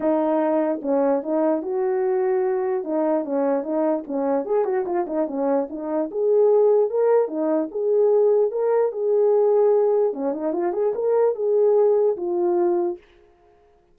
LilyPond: \new Staff \with { instrumentName = "horn" } { \time 4/4 \tempo 4 = 148 dis'2 cis'4 dis'4 | fis'2. dis'4 | cis'4 dis'4 cis'4 gis'8 fis'8 | f'8 dis'8 cis'4 dis'4 gis'4~ |
gis'4 ais'4 dis'4 gis'4~ | gis'4 ais'4 gis'2~ | gis'4 cis'8 dis'8 f'8 gis'8 ais'4 | gis'2 f'2 | }